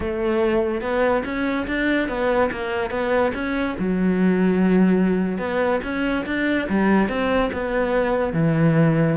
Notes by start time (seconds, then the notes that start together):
0.00 A3
0.81 B3
1.24 C#4
1.67 D4
2.08 B3
2.51 A#3
2.90 B3
3.34 C#4
3.78 F#3
5.38 B3
5.83 C#4
6.26 D4
6.69 G3
7.08 C4
7.52 B3
8.33 E3